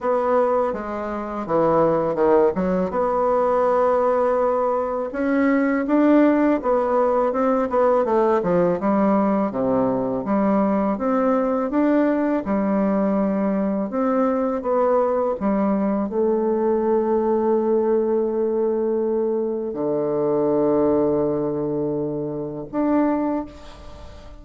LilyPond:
\new Staff \with { instrumentName = "bassoon" } { \time 4/4 \tempo 4 = 82 b4 gis4 e4 dis8 fis8 | b2. cis'4 | d'4 b4 c'8 b8 a8 f8 | g4 c4 g4 c'4 |
d'4 g2 c'4 | b4 g4 a2~ | a2. d4~ | d2. d'4 | }